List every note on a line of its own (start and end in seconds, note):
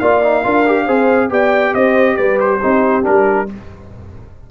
0.00 0.45 A#3
0.00 0.23 F4
0.00 0.44 D5
0.00 1.30 F5
0.23 0.43 D#4
0.43 0.88 D4
0.43 0.65 F4
0.43 0.85 A#4
0.66 0.88 G4
0.85 1.30 C4
0.85 1.30 G#4
0.85 1.29 C5
1.30 1.74 B3
1.30 2.60 G4
1.30 1.75 D5
1.30 1.74 G5
1.74 2.18 C4
1.74 2.17 C5
1.74 2.17 D#5
2.17 2.62 G3
2.17 2.60 B4
2.17 2.38 D5
2.40 3.05 C5
2.61 3.07 C4
2.61 3.03 D#4
2.61 3.48 G4
3.03 3.51 G3
3.03 3.46 D4
3.03 3.49 A#4